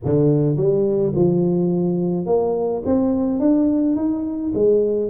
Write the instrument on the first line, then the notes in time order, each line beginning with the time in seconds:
tuba
0.04 D3
0.56 G3
1.15 F3
2.26 A#3
2.85 C4
3.39 D4
3.95 D#4
4.54 G#3